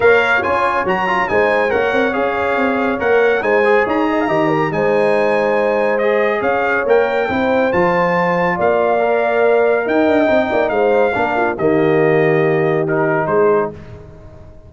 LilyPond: <<
  \new Staff \with { instrumentName = "trumpet" } { \time 4/4 \tempo 4 = 140 f''4 gis''4 ais''4 gis''4 | fis''4 f''2 fis''4 | gis''4 ais''2 gis''4~ | gis''2 dis''4 f''4 |
g''2 a''2 | f''2. g''4~ | g''4 f''2 dis''4~ | dis''2 ais'4 c''4 | }
  \new Staff \with { instrumentName = "horn" } { \time 4/4 cis''2. c''4 | cis''1 | c''4 cis''8 dis''16 f''16 dis''8 ais'8 c''4~ | c''2. cis''4~ |
cis''4 c''2. | d''2. dis''4~ | dis''8 d''8 c''4 ais'8 f'8 g'4~ | g'2. gis'4 | }
  \new Staff \with { instrumentName = "trombone" } { \time 4/4 ais'4 f'4 fis'8 f'8 dis'4 | ais'4 gis'2 ais'4 | dis'8 gis'4. g'4 dis'4~ | dis'2 gis'2 |
ais'4 e'4 f'2~ | f'4 ais'2. | dis'2 d'4 ais4~ | ais2 dis'2 | }
  \new Staff \with { instrumentName = "tuba" } { \time 4/4 ais4 cis'4 fis4 gis4 | ais8 c'8 cis'4 c'4 ais4 | gis4 dis'4 dis4 gis4~ | gis2. cis'4 |
ais4 c'4 f2 | ais2. dis'8 d'8 | c'8 ais8 gis4 ais4 dis4~ | dis2. gis4 | }
>>